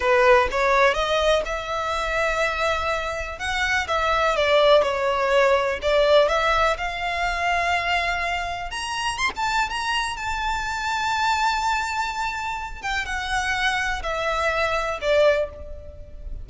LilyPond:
\new Staff \with { instrumentName = "violin" } { \time 4/4 \tempo 4 = 124 b'4 cis''4 dis''4 e''4~ | e''2. fis''4 | e''4 d''4 cis''2 | d''4 e''4 f''2~ |
f''2 ais''4 c'''16 a''8. | ais''4 a''2.~ | a''2~ a''8 g''8 fis''4~ | fis''4 e''2 d''4 | }